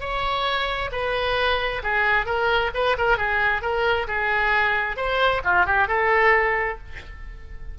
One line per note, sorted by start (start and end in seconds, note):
0.00 0.90 C#5
0.92 1.82 B4
1.83 2.26 G#4
2.26 2.71 A#4
2.74 2.97 B4
2.98 3.17 A#4
3.17 3.62 G#4
3.62 4.07 A#4
4.07 4.96 G#4
4.96 5.42 C5
5.44 5.66 F4
5.66 5.88 G4
5.88 6.78 A4